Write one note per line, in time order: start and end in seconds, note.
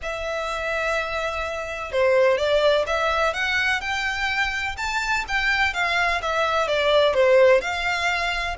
0.02 1.92 E5
1.92 2.37 C5
2.37 2.85 D5
2.86 3.33 E5
3.33 3.81 F#5
3.81 4.76 G5
4.77 5.24 A5
5.27 5.73 G5
5.73 6.21 F5
6.22 6.67 E5
6.67 7.14 D5
7.14 7.61 C5
7.61 8.56 F5